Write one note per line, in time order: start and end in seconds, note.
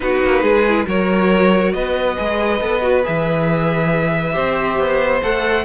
0.00 0.23 B3
0.00 0.63 D#4
0.00 0.42 F#4
0.00 0.87 B4
0.23 0.42 A#3
0.42 0.86 G#3
0.42 0.86 G#4
0.68 0.86 E4
0.86 1.74 F#3
0.86 2.16 F#4
0.86 1.73 A#4
0.86 1.73 C#5
1.73 2.17 B3
1.73 4.34 B4
1.73 3.03 D#5
2.16 2.61 G#3
2.16 2.59 G#4
2.60 3.04 B3
2.60 2.81 A4
2.81 3.03 F#4
3.03 4.36 E3
3.03 4.32 G#4
3.03 5.22 E5
4.32 4.78 C4
4.32 5.19 G4
4.32 5.64 C5
4.78 5.21 B3
5.22 5.65 A3
5.22 5.65 A4
5.22 5.65 F#5